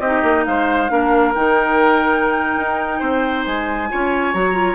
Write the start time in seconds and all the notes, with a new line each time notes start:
0.00 C4 D#4 G4 D#5
0.23 A#3
0.45 G#3 C5 F5
0.89 A#3 D4 A#4
1.34 D#3 D#4 G5
2.57 D#4
2.99 C4 C5
3.46 G#3 G#5
3.89 C#4 F4 C#5
4.33 F#3 F#4 A#5
4.53 F4